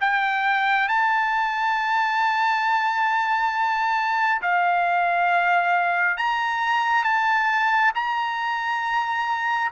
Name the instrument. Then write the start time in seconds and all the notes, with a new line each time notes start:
trumpet
0.00 G5
0.88 A5
4.42 F5
6.17 A#5
7.03 A5
7.94 A#5